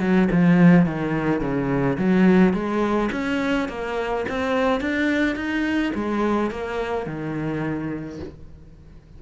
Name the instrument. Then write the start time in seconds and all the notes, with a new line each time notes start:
cello
0.00 F#3
0.31 F3
0.86 D#3
1.41 C#3
1.98 F#3
2.53 G#3
3.12 C#4
3.69 A#3
4.29 C4
4.81 D4
5.36 D#4
5.95 G#3
6.50 A#3
7.06 D#3